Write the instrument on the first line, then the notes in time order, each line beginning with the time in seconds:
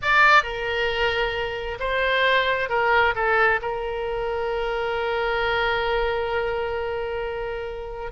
oboe
0.01 D5
0.43 A#4
1.79 C5
2.69 A#4
3.15 A4
3.61 A#4